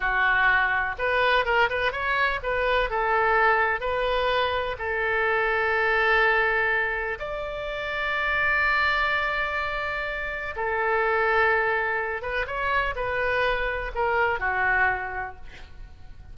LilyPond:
\new Staff \with { instrumentName = "oboe" } { \time 4/4 \tempo 4 = 125 fis'2 b'4 ais'8 b'8 | cis''4 b'4 a'2 | b'2 a'2~ | a'2. d''4~ |
d''1~ | d''2 a'2~ | a'4. b'8 cis''4 b'4~ | b'4 ais'4 fis'2 | }